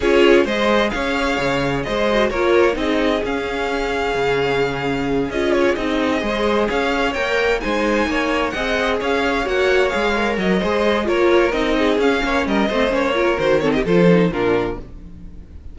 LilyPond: <<
  \new Staff \with { instrumentName = "violin" } { \time 4/4 \tempo 4 = 130 cis''4 dis''4 f''2 | dis''4 cis''4 dis''4 f''4~ | f''2.~ f''8 dis''8 | cis''8 dis''2 f''4 g''8~ |
g''8 gis''2 fis''4 f''8~ | f''8 fis''4 f''4 dis''4. | cis''4 dis''4 f''4 dis''4 | cis''4 c''8 cis''16 dis''16 c''4 ais'4 | }
  \new Staff \with { instrumentName = "violin" } { \time 4/4 gis'4 c''4 cis''2 | c''4 ais'4 gis'2~ | gis'1~ | gis'4. c''4 cis''4.~ |
cis''8 c''4 cis''4 dis''4 cis''8~ | cis''2. c''4 | ais'4. gis'4 cis''8 ais'8 c''8~ | c''8 ais'4 a'16 g'16 a'4 f'4 | }
  \new Staff \with { instrumentName = "viola" } { \time 4/4 f'4 gis'2.~ | gis'8 fis'8 f'4 dis'4 cis'4~ | cis'2.~ cis'8 f'8~ | f'8 dis'4 gis'2 ais'8~ |
ais'8 dis'2 gis'4.~ | gis'8 fis'4 gis'8 ais'4 gis'4 | f'4 dis'4 cis'4. c'8 | cis'8 f'8 fis'8 c'8 f'8 dis'8 d'4 | }
  \new Staff \with { instrumentName = "cello" } { \time 4/4 cis'4 gis4 cis'4 cis4 | gis4 ais4 c'4 cis'4~ | cis'4 cis2~ cis8 cis'8~ | cis'8 c'4 gis4 cis'4 ais8~ |
ais8 gis4 ais4 c'4 cis'8~ | cis'8 ais4 gis4 fis8 gis4 | ais4 c'4 cis'8 ais8 g8 a8 | ais4 dis4 f4 ais,4 | }
>>